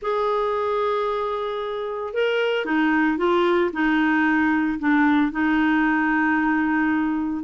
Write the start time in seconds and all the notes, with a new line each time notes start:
0.01 G#4
2.13 A#4
2.65 D#4
3.17 F4
3.72 D#4
4.79 D4
5.31 D#4